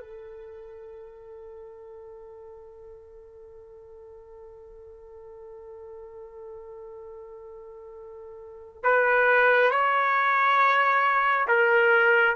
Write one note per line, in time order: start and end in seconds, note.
0.00 8.82 A4
8.83 9.71 B4
9.71 11.47 C#5
11.48 12.36 A#4